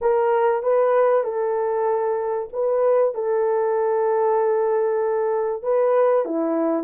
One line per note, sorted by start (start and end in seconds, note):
0.01 0.62 A#4
0.62 1.23 B4
1.23 2.48 A4
2.52 3.14 B4
3.14 5.62 A4
5.62 6.25 B4
6.25 6.83 E4